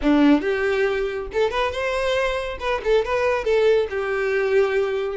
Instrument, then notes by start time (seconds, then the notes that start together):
violin
0.02 D4
0.41 G4
1.33 A4
1.50 B4
1.71 C5
2.59 B4
2.84 A4
3.05 B4
3.44 A4
3.90 G4